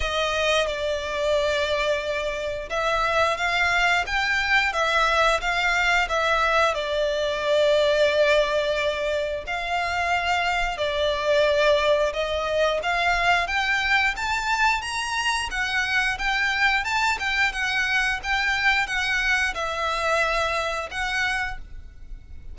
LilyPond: \new Staff \with { instrumentName = "violin" } { \time 4/4 \tempo 4 = 89 dis''4 d''2. | e''4 f''4 g''4 e''4 | f''4 e''4 d''2~ | d''2 f''2 |
d''2 dis''4 f''4 | g''4 a''4 ais''4 fis''4 | g''4 a''8 g''8 fis''4 g''4 | fis''4 e''2 fis''4 | }